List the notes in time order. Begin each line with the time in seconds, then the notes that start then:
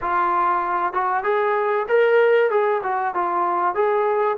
0.01 F4
0.93 F#4
1.23 G#4
1.88 A#4
2.50 G#4
2.83 F#4
3.14 F4
3.74 G#4